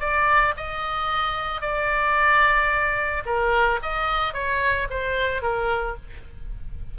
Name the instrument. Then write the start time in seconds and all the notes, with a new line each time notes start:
oboe
0.00 D5
0.57 D#5
1.61 D5
3.26 A#4
3.82 D#5
4.34 C#5
4.90 C5
5.42 A#4